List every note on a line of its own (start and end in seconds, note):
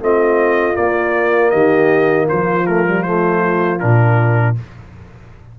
0.00 0.77 A3
0.00 0.74 C4
0.00 1.52 F4
0.00 0.76 D#5
0.74 2.64 A#3
0.74 1.53 A#3
0.74 1.50 D5
1.50 2.29 D#3
1.50 2.27 G4
1.50 2.26 D#5
2.27 3.83 F3
2.27 4.55 F4
2.27 2.67 C5
2.67 2.86 A3
2.67 3.03 A#4
2.86 3.04 G3
3.03 3.79 A3
3.03 3.79 C5
3.79 4.59 A#2
3.79 4.55 D4
3.79 4.55 A#4